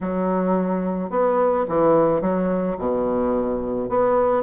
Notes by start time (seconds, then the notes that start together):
0.00 F#3
1.10 B3
1.68 E3
2.21 F#3
2.78 B2
3.89 B3